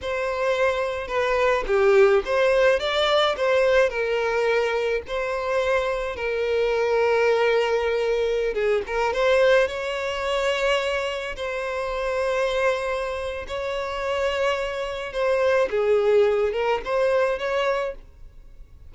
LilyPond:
\new Staff \with { instrumentName = "violin" } { \time 4/4 \tempo 4 = 107 c''2 b'4 g'4 | c''4 d''4 c''4 ais'4~ | ais'4 c''2 ais'4~ | ais'2.~ ais'16 gis'8 ais'16~ |
ais'16 c''4 cis''2~ cis''8.~ | cis''16 c''2.~ c''8. | cis''2. c''4 | gis'4. ais'8 c''4 cis''4 | }